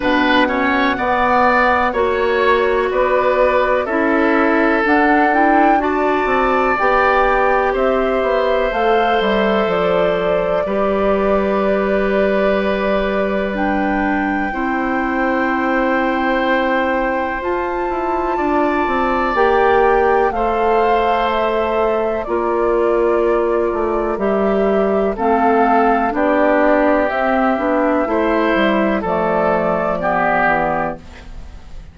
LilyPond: <<
  \new Staff \with { instrumentName = "flute" } { \time 4/4 \tempo 4 = 62 fis''2 cis''4 d''4 | e''4 fis''8 g''8 a''4 g''4 | e''4 f''8 e''8 d''2~ | d''2 g''2~ |
g''2 a''2 | g''4 f''4 e''4 d''4~ | d''4 e''4 f''4 d''4 | e''2 d''2 | }
  \new Staff \with { instrumentName = "oboe" } { \time 4/4 b'8 cis''8 d''4 cis''4 b'4 | a'2 d''2 | c''2. b'4~ | b'2. c''4~ |
c''2. d''4~ | d''4 c''2 ais'4~ | ais'2 a'4 g'4~ | g'4 c''4 a'4 g'4 | }
  \new Staff \with { instrumentName = "clarinet" } { \time 4/4 d'8 cis'8 b4 fis'2 | e'4 d'8 e'8 fis'4 g'4~ | g'4 a'2 g'4~ | g'2 d'4 e'4~ |
e'2 f'2 | g'4 a'2 f'4~ | f'4 g'4 c'4 d'4 | c'8 d'8 e'4 a4 b4 | }
  \new Staff \with { instrumentName = "bassoon" } { \time 4/4 b,4 b4 ais4 b4 | cis'4 d'4. c'8 b4 | c'8 b8 a8 g8 f4 g4~ | g2. c'4~ |
c'2 f'8 e'8 d'8 c'8 | ais4 a2 ais4~ | ais8 a8 g4 a4 b4 | c'8 b8 a8 g8 f4. e8 | }
>>